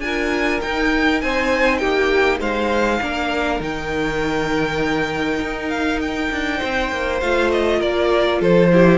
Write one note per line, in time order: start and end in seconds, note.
0.00 0.60 D4
0.00 0.62 F4
0.00 1.23 A#4
0.00 0.60 G#5
0.62 3.02 D#4
0.62 1.23 D#4
0.62 1.22 G5
1.22 1.82 C4
1.22 1.80 C5
1.22 1.78 G#5
1.78 2.40 A#3
1.78 2.40 G4
1.78 2.38 G5
2.40 3.00 G#3
2.40 3.00 C5
2.40 3.62 F5
3.02 3.60 A#3
3.02 3.60 D4
3.02 6.58 A#4
3.60 5.40 D#3
3.60 7.21 D#4
3.60 5.70 G5
5.41 6.31 D#4
5.70 6.00 F5
6.02 7.21 G5
6.32 6.62 D4
6.58 6.92 C4
6.58 7.78 C5
6.92 7.22 A#3
7.21 7.82 A3
7.21 8.72 F4
7.21 7.51 F5
7.52 7.82 D#5
7.79 8.42 A#3
7.79 8.39 A#4
7.79 8.42 D5
8.41 8.99 F3
8.41 8.71 A4
8.41 8.99 C5
8.72 8.99 E4
8.72 8.99 G4